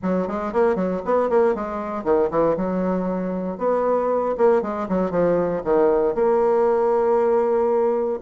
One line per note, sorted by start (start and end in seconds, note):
0.02 0.27 F#3
0.27 0.53 G#3
0.53 0.75 A#3
0.75 1.01 F#3
1.05 1.29 B3
1.29 1.55 A#3
1.55 2.03 G#3
2.03 2.29 D#3
2.30 2.55 E3
2.56 3.58 F#3
3.58 4.35 B3
4.37 4.62 A#3
4.62 4.87 G#3
4.88 5.10 F#3
5.10 5.62 F3
5.64 6.14 D#3
6.14 8.19 A#3